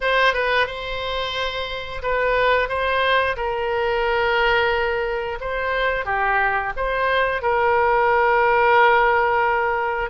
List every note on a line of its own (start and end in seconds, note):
0.00 0.33 C5
0.33 0.66 B4
0.66 2.01 C5
2.02 2.68 B4
2.68 3.36 C5
3.36 5.38 A#4
5.40 6.05 C5
6.05 6.72 G4
6.76 7.42 C5
7.42 10.09 A#4